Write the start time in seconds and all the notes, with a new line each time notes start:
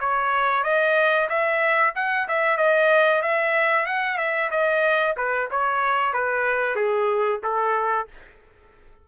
0.00 C#5
0.64 D#5
1.29 E5
1.95 F#5
2.28 E5
2.57 D#5
3.22 E5
3.86 F#5
4.18 E5
4.51 D#5
5.17 B4
5.50 C#5
6.13 B4
6.76 G#4
7.43 A4